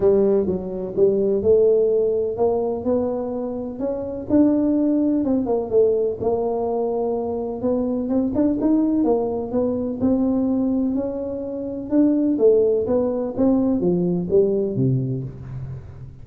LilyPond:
\new Staff \with { instrumentName = "tuba" } { \time 4/4 \tempo 4 = 126 g4 fis4 g4 a4~ | a4 ais4 b2 | cis'4 d'2 c'8 ais8 | a4 ais2. |
b4 c'8 d'8 dis'4 ais4 | b4 c'2 cis'4~ | cis'4 d'4 a4 b4 | c'4 f4 g4 c4 | }